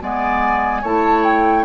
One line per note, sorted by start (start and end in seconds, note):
0.00 0.83 G#3
0.00 0.83 B3
0.00 0.81 D5
0.00 0.85 G#5
0.81 1.65 A3
0.81 1.65 E4
0.81 1.65 C#5
0.81 1.24 A5
1.24 1.65 G5